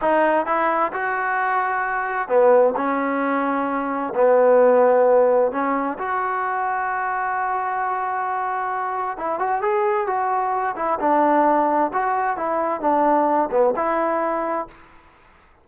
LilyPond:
\new Staff \with { instrumentName = "trombone" } { \time 4/4 \tempo 4 = 131 dis'4 e'4 fis'2~ | fis'4 b4 cis'2~ | cis'4 b2. | cis'4 fis'2.~ |
fis'1 | e'8 fis'8 gis'4 fis'4. e'8 | d'2 fis'4 e'4 | d'4. b8 e'2 | }